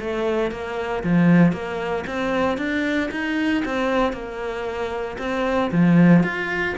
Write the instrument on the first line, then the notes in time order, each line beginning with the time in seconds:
cello
0.00 A3
0.51 A#3
1.04 F3
1.52 A#3
2.07 C4
2.58 D4
3.11 D#4
3.65 C4
4.13 A#3
5.19 C4
5.72 F3
6.23 F4